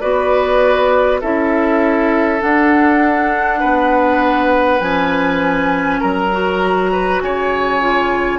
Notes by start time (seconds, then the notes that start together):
0.00 B3 F#4 B4 D5
1.21 C#4 E4 A4 E5
2.39 D4 F#5
3.60 B3 B4
4.80 F3 C#4 G#5
6.00 F#3 A#4 A#5
6.32 F#4
6.92 B4
7.21 C#3 C#5 G#5
7.80 F4